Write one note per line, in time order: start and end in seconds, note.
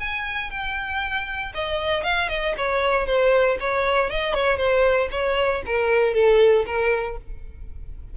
0.00 0.51 G#5
0.51 1.53 G5
1.55 2.04 D#5
2.04 2.29 F5
2.29 2.55 D#5
2.58 3.07 C#5
3.07 3.58 C5
3.60 4.10 C#5
4.10 4.34 D#5
4.34 4.58 C#5
4.58 5.09 C5
5.11 5.63 C#5
5.66 6.14 A#4
6.14 6.65 A4
6.66 7.18 A#4